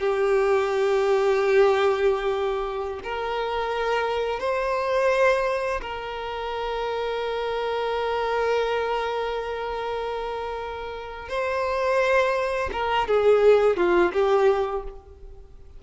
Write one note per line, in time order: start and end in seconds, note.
0.00 3.00 G4
3.04 4.40 A#4
4.40 5.81 C5
5.82 11.29 A#4
11.29 12.70 C5
12.73 13.08 A#4
13.08 13.77 G#4
13.77 14.12 F4
14.13 14.83 G4